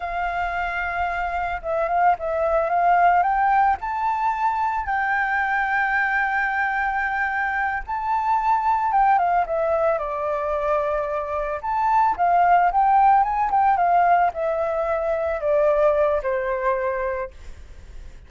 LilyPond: \new Staff \with { instrumentName = "flute" } { \time 4/4 \tempo 4 = 111 f''2. e''8 f''8 | e''4 f''4 g''4 a''4~ | a''4 g''2.~ | g''2~ g''8 a''4.~ |
a''8 g''8 f''8 e''4 d''4.~ | d''4. a''4 f''4 g''8~ | g''8 gis''8 g''8 f''4 e''4.~ | e''8 d''4. c''2 | }